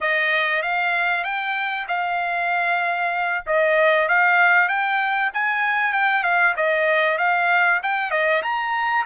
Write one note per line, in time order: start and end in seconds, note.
0.01 0.62 D#5
0.62 1.24 F5
1.24 1.86 G5
1.88 3.44 F5
3.46 4.08 D#5
4.08 4.68 F5
4.68 5.30 G5
5.33 5.93 G#5
5.93 6.23 G5
6.23 6.54 F5
6.56 7.17 D#5
7.17 7.80 F5
7.82 8.11 G5
8.11 8.42 D#5
8.42 9.05 A#5